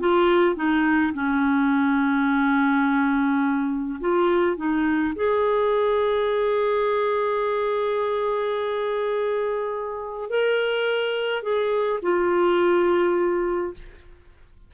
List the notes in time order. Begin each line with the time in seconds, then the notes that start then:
0.00 F4
0.56 D#4
1.14 C#4
4.00 F4
4.57 D#4
5.15 G#4
10.30 A#4
11.43 G#4
12.02 F4